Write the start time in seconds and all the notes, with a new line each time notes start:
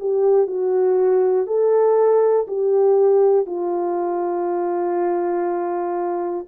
0.00 G4
0.47 F#4
1.47 A4
2.47 G4
3.46 F4